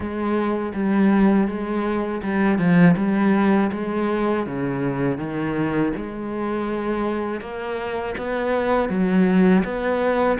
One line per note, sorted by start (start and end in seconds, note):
0.00 0.72 G#3
0.74 1.47 G3
1.47 2.21 G#3
2.22 2.58 G3
2.58 2.95 F3
2.96 3.70 G3
3.72 4.46 G#3
4.46 5.18 C#3
5.18 5.92 D#3
5.96 7.40 G#3
7.40 8.14 A#3
8.17 8.89 B3
8.89 9.63 F#3
9.64 10.38 B3